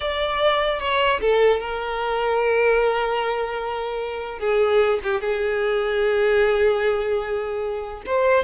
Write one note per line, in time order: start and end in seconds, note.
0.00 0.79 D5
0.79 1.20 C#5
1.20 1.60 A4
1.60 4.39 A#4
4.39 4.99 G#4
5.03 5.20 G4
5.20 8.02 G#4
8.05 8.44 C5